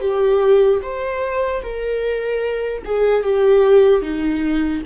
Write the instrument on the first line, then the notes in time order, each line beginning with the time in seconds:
viola
0.00 G4
0.82 C5
1.63 A#4
2.85 G#4
3.23 G4
4.02 D#4